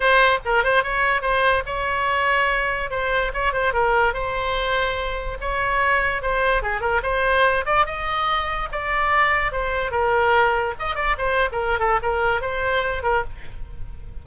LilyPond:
\new Staff \with { instrumentName = "oboe" } { \time 4/4 \tempo 4 = 145 c''4 ais'8 c''8 cis''4 c''4 | cis''2. c''4 | cis''8 c''8 ais'4 c''2~ | c''4 cis''2 c''4 |
gis'8 ais'8 c''4. d''8 dis''4~ | dis''4 d''2 c''4 | ais'2 dis''8 d''8 c''8. ais'16~ | ais'8 a'8 ais'4 c''4. ais'8 | }